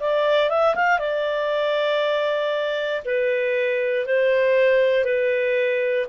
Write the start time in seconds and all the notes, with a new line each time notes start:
0.00 D5
0.49 E5
0.75 F5
0.99 D5
3.05 B4
4.05 C5
5.04 B4